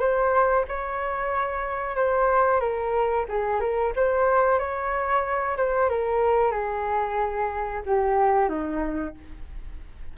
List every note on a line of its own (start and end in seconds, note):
0.00 0.65 C5
0.68 1.96 C#5
1.96 2.61 C5
2.61 3.26 A#4
3.29 3.60 G#4
3.60 3.93 A#4
3.96 4.59 C5
4.59 5.57 C#5
5.57 5.90 C5
5.90 6.52 A#4
6.52 7.82 G#4
7.86 8.49 G4
8.49 9.15 D#4